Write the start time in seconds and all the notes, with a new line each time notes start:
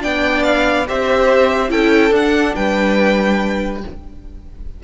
0.00 B3 D4 D5 G5
0.43 F5
0.87 C4 G4 C5 E5
1.69 C#4 E4 A4 G5
2.11 D4 F#5
2.55 G3 B4 G5